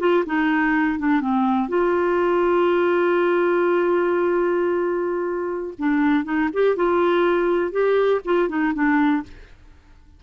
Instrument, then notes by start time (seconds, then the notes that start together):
clarinet
0.00 F4
0.27 D#4
0.99 D4
1.21 C4
1.69 F4
5.79 D4
6.25 D#4
6.53 G4
6.76 F4
7.72 G4
8.25 F4
8.49 D#4
8.74 D4